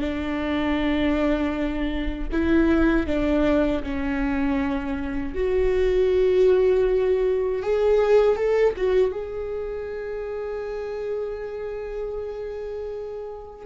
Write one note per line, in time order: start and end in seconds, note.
0.00 2.28 D4
2.32 3.07 E4
3.07 3.83 D4
3.83 5.34 C#4
5.34 7.62 F#4
7.62 8.36 G#4
8.36 8.74 A4
8.76 9.11 F#4
9.11 13.66 G#4